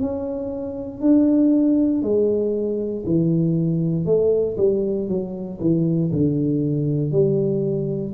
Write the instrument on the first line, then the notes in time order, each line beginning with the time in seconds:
tuba
0.00 C#4
1.00 D4
2.02 G#3
3.06 E3
4.05 A3
4.57 G3
5.08 F#3
5.60 E3
6.12 D3
7.11 G3